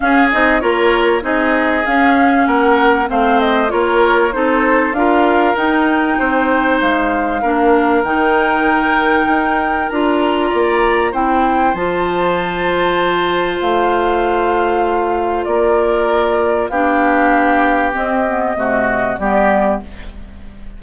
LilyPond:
<<
  \new Staff \with { instrumentName = "flute" } { \time 4/4 \tempo 4 = 97 f''8 dis''8 cis''4 dis''4 f''4 | fis''4 f''8 dis''8 cis''4 c''4 | f''4 g''2 f''4~ | f''4 g''2. |
ais''2 g''4 a''4~ | a''2 f''2~ | f''4 d''2 f''4~ | f''4 dis''2 d''4 | }
  \new Staff \with { instrumentName = "oboe" } { \time 4/4 gis'4 ais'4 gis'2 | ais'4 c''4 ais'4 a'4 | ais'2 c''2 | ais'1~ |
ais'4 d''4 c''2~ | c''1~ | c''4 ais'2 g'4~ | g'2 fis'4 g'4 | }
  \new Staff \with { instrumentName = "clarinet" } { \time 4/4 cis'8 dis'8 f'4 dis'4 cis'4~ | cis'4 c'4 f'4 dis'4 | f'4 dis'2. | d'4 dis'2. |
f'2 e'4 f'4~ | f'1~ | f'2. d'4~ | d'4 c'8 b8 a4 b4 | }
  \new Staff \with { instrumentName = "bassoon" } { \time 4/4 cis'8 c'8 ais4 c'4 cis'4 | ais4 a4 ais4 c'4 | d'4 dis'4 c'4 gis4 | ais4 dis2 dis'4 |
d'4 ais4 c'4 f4~ | f2 a2~ | a4 ais2 b4~ | b4 c'4 c4 g4 | }
>>